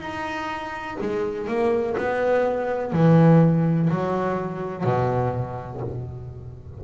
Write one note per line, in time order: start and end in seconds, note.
0.00 0.97 D#4
1.00 1.47 G#3
1.47 1.96 A#3
1.97 2.92 B3
2.92 3.89 E3
3.89 4.84 F#3
4.84 5.81 B2